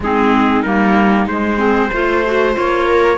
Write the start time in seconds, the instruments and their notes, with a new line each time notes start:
0.00 cello G#3, clarinet C4, viola D#4, trumpet G#4
0.62 cello G3, clarinet A#3, trumpet A#4
1.26 cello G#3, clarinet G#3, trumpet C5
1.57 clarinet C4, viola G#4
1.92 cello A3, clarinet F4, viola C5
2.25 clarinet F#4
2.53 cello A#3, clarinet F4, trumpet C#5
2.86 viola A#4